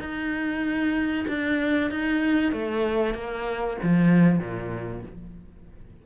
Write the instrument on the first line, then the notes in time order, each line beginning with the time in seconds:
cello
0.00 D#4
1.28 D4
1.91 D#4
2.53 A3
3.15 A#3
3.83 F3
4.40 A#2